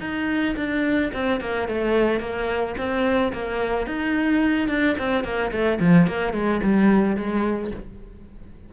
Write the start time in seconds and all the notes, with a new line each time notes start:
0.00 D#4
0.57 D4
1.13 C4
1.40 A#3
1.68 A3
2.20 A#3
2.77 C4
3.33 A#3
3.87 D#4
4.68 D4
4.98 C4
5.24 A#3
5.51 A3
5.80 F3
6.07 A#3
6.33 G#3
6.63 G3
7.16 G#3